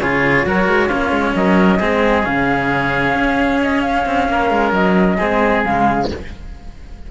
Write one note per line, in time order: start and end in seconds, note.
0.00 0.46 C#3
0.00 0.47 F4
0.00 0.46 G#4
0.00 1.35 C#5
0.46 0.68 F#3
0.46 0.89 F#4
0.46 0.87 A#4
0.68 0.90 G#3
0.87 1.12 A#3
0.87 1.80 C#4
0.87 1.33 F4
1.12 1.34 G#3
1.36 1.81 F#3
1.36 1.79 A#4
1.36 2.26 D#5
1.79 2.26 G#3
1.79 2.23 C4
1.79 4.27 G#4
2.23 3.15 C#3
2.23 5.17 C#4
2.23 3.61 F5
3.15 4.05 C#4
3.62 3.81 D#5
3.81 4.71 F5
4.06 4.29 C4
4.29 4.51 A#3
4.29 5.18 A#4
4.51 4.73 G#3
4.73 5.18 F#3
4.73 5.64 D#5
5.18 5.66 G#3
5.18 5.66 C4
5.18 6.08 G#4
5.65 6.11 C#3
5.65 6.11 G#3
5.65 6.10 F5